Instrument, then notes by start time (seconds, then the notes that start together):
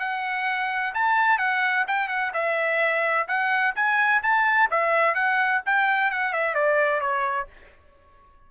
trumpet
0.00 F#5
0.95 A5
1.38 F#5
1.88 G5
2.09 F#5
2.34 E5
3.28 F#5
3.76 G#5
4.23 A5
4.71 E5
5.15 F#5
5.66 G5
6.11 F#5
6.33 E5
6.55 D5
7.01 C#5